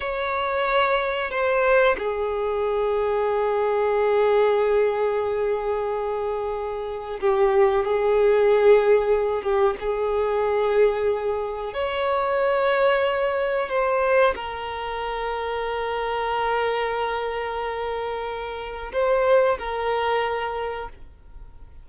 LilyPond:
\new Staff \with { instrumentName = "violin" } { \time 4/4 \tempo 4 = 92 cis''2 c''4 gis'4~ | gis'1~ | gis'2. g'4 | gis'2~ gis'8 g'8 gis'4~ |
gis'2 cis''2~ | cis''4 c''4 ais'2~ | ais'1~ | ais'4 c''4 ais'2 | }